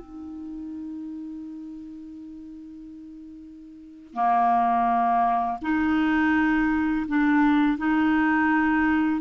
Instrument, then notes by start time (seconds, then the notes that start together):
clarinet
0.00 D#4
4.14 A#3
5.62 D#4
7.08 D4
7.78 D#4